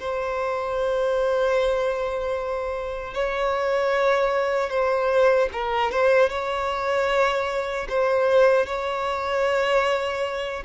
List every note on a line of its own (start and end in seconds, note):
0.00 3.14 C5
3.14 4.70 C#5
4.70 5.49 C5
5.53 5.91 A#4
5.91 6.29 C5
6.29 7.87 C#5
7.89 8.66 C5
8.66 10.64 C#5